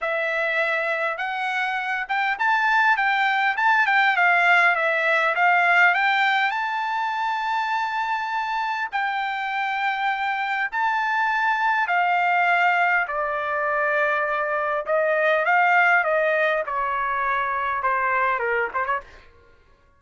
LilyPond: \new Staff \with { instrumentName = "trumpet" } { \time 4/4 \tempo 4 = 101 e''2 fis''4. g''8 | a''4 g''4 a''8 g''8 f''4 | e''4 f''4 g''4 a''4~ | a''2. g''4~ |
g''2 a''2 | f''2 d''2~ | d''4 dis''4 f''4 dis''4 | cis''2 c''4 ais'8 c''16 cis''16 | }